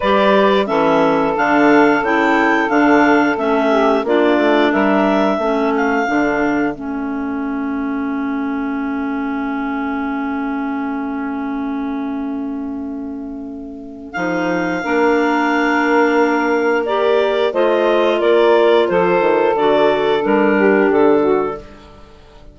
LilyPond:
<<
  \new Staff \with { instrumentName = "clarinet" } { \time 4/4 \tempo 4 = 89 d''4 e''4 f''4 g''4 | f''4 e''4 d''4 e''4~ | e''8 f''4. e''2~ | e''1~ |
e''1~ | e''4 f''2.~ | f''4 d''4 dis''4 d''4 | c''4 d''4 ais'4 a'4 | }
  \new Staff \with { instrumentName = "saxophone" } { \time 4/4 b'4 a'2.~ | a'4. g'8 f'4 ais'4 | a'1~ | a'1~ |
a'1~ | a'2 ais'2~ | ais'2 c''4 ais'4 | a'2~ a'8 g'4 fis'8 | }
  \new Staff \with { instrumentName = "clarinet" } { \time 4/4 g'4 cis'4 d'4 e'4 | d'4 cis'4 d'2 | cis'4 d'4 cis'2~ | cis'1~ |
cis'1~ | cis'4 dis'4 d'2~ | d'4 g'4 f'2~ | f'4 fis'4 d'2 | }
  \new Staff \with { instrumentName = "bassoon" } { \time 4/4 g4 e4 d4 cis4 | d4 a4 ais8 a8 g4 | a4 d4 a2~ | a1~ |
a1~ | a4 f4 ais2~ | ais2 a4 ais4 | f8 dis8 d4 g4 d4 | }
>>